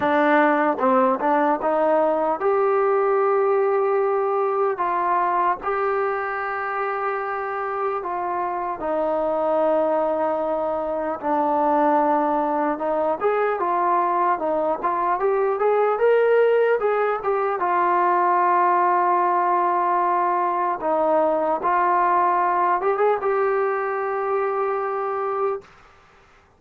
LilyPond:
\new Staff \with { instrumentName = "trombone" } { \time 4/4 \tempo 4 = 75 d'4 c'8 d'8 dis'4 g'4~ | g'2 f'4 g'4~ | g'2 f'4 dis'4~ | dis'2 d'2 |
dis'8 gis'8 f'4 dis'8 f'8 g'8 gis'8 | ais'4 gis'8 g'8 f'2~ | f'2 dis'4 f'4~ | f'8 g'16 gis'16 g'2. | }